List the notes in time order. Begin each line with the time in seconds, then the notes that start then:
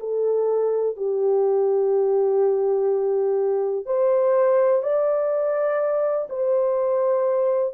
0.00 A4
0.97 G4
3.86 C5
4.83 D5
6.29 C5